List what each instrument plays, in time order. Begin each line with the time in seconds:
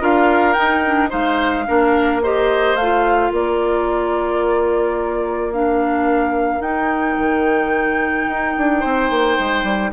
0.00 bassoon D4, clarinet F4, oboe A#4, flute F5
0.53 clarinet D#4, bassoon D#4, flute G5
0.86 clarinet D4
1.09 bassoon G#3, clarinet D#4, oboe C5, flute F5
1.67 bassoon A#3, clarinet D4, oboe A#4
2.22 clarinet G4, oboe C5, flute D#5
2.75 bassoon A3, flute F5
2.81 clarinet F4
3.30 bassoon A#3, oboe A#4, flute D5
5.52 clarinet D4, flute F5
6.59 bassoon D#4, clarinet D#4, flute G5
7.18 bassoon D#3
8.27 bassoon D#4
8.57 bassoon D4
8.80 bassoon C4, oboe C5
9.10 bassoon A#3
9.39 bassoon G#3
9.63 bassoon G3